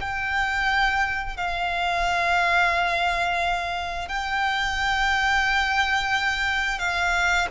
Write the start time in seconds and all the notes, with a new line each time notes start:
0.00 G5
1.36 F5
4.08 G5
6.78 F5